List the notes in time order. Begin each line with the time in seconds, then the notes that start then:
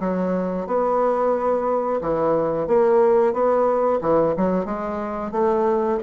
0.00 F#3
0.67 B3
2.02 E3
2.68 A#3
3.33 B3
4.02 E3
4.37 F#3
4.65 G#3
5.32 A3